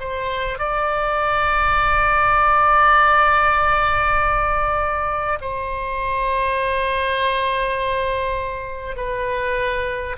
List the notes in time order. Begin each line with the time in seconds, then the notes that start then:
0.00 C5
0.58 D5
5.41 C5
8.96 B4